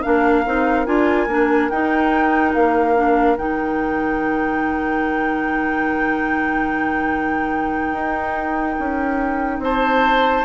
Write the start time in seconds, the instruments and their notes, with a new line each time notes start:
0.00 bassoon A#3, clarinet D4, oboe A#4, flute F5
0.45 bassoon C4, clarinet D#4
0.85 bassoon D4, clarinet F4, flute G#5
1.27 bassoon A#3, clarinet D4
1.69 bassoon D#4, clarinet D#4, flute G5
2.53 bassoon A#3, flute F5
2.95 clarinet D4
3.37 bassoon D#3, clarinet D#4, flute G5
7.93 bassoon D#4
8.78 bassoon C#4
9.59 bassoon C4, oboe C5, flute A5